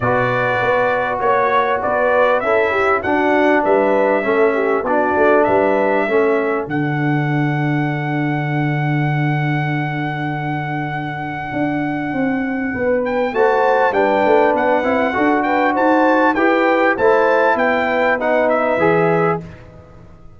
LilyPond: <<
  \new Staff \with { instrumentName = "trumpet" } { \time 4/4 \tempo 4 = 99 d''2 cis''4 d''4 | e''4 fis''4 e''2 | d''4 e''2 fis''4~ | fis''1~ |
fis''1~ | fis''4. g''8 a''4 g''4 | fis''4. g''8 a''4 g''4 | a''4 g''4 fis''8 e''4. | }
  \new Staff \with { instrumentName = "horn" } { \time 4/4 b'2 cis''4 b'4 | a'8 g'8 fis'4 b'4 a'8 g'8 | fis'4 b'4 a'2~ | a'1~ |
a'1~ | a'4 b'4 c''4 b'4~ | b'4 a'8 b'8 c''4 b'4 | c''4 b'2. | }
  \new Staff \with { instrumentName = "trombone" } { \time 4/4 fis'1 | e'4 d'2 cis'4 | d'2 cis'4 d'4~ | d'1~ |
d'1~ | d'2 fis'4 d'4~ | d'8 e'8 fis'2 g'4 | e'2 dis'4 gis'4 | }
  \new Staff \with { instrumentName = "tuba" } { \time 4/4 b,4 b4 ais4 b4 | cis'4 d'4 g4 a4 | b8 a8 g4 a4 d4~ | d1~ |
d2. d'4 | c'4 b4 a4 g8 a8 | b8 c'8 d'4 dis'4 e'4 | a4 b2 e4 | }
>>